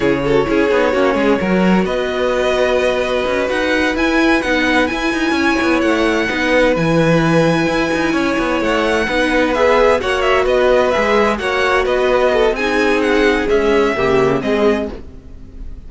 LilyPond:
<<
  \new Staff \with { instrumentName = "violin" } { \time 4/4 \tempo 4 = 129 cis''1 | dis''2.~ dis''8 fis''8~ | fis''8 gis''4 fis''4 gis''4.~ | gis''8 fis''2 gis''4.~ |
gis''2~ gis''8 fis''4.~ | fis''8 e''4 fis''8 e''8 dis''4 e''8~ | e''8 fis''4 dis''4. gis''4 | fis''4 e''2 dis''4 | }
  \new Staff \with { instrumentName = "violin" } { \time 4/4 gis'8 a'8 gis'4 fis'8 gis'8 ais'4 | b'1~ | b'2.~ b'8 cis''8~ | cis''4. b'2~ b'8~ |
b'4. cis''2 b'8~ | b'4. cis''4 b'4.~ | b'8 cis''4 b'4 a'8 gis'4~ | gis'2 g'4 gis'4 | }
  \new Staff \with { instrumentName = "viola" } { \time 4/4 e'8 fis'8 e'8 dis'8 cis'4 fis'4~ | fis'1~ | fis'8 e'4 dis'4 e'4.~ | e'4. dis'4 e'4.~ |
e'2.~ e'8 dis'8~ | dis'8 gis'4 fis'2 gis'8~ | gis'8 fis'2~ fis'8 dis'4~ | dis'4 gis4 ais4 c'4 | }
  \new Staff \with { instrumentName = "cello" } { \time 4/4 cis4 cis'8 b8 ais8 gis8 fis4 | b2. cis'8 dis'8~ | dis'8 e'4 b4 e'8 dis'8 cis'8 | b8 a4 b4 e4.~ |
e8 e'8 dis'8 cis'8 b8 a4 b8~ | b4. ais4 b4 gis8~ | gis8 ais4 b4. c'4~ | c'4 cis'4 cis4 gis4 | }
>>